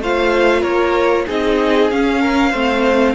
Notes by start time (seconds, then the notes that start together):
0.00 A3 F4 C5 F5
0.61 A#3 A#4 C#5
1.27 C4 D#4 G#4 D#5
1.91 C#4 F5
2.21 A#4
2.51 A3 C4 C5